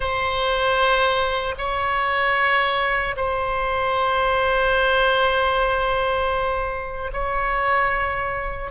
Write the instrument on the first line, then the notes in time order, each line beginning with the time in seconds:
oboe
0.00 C5
1.58 C#5
3.16 C5
7.12 C#5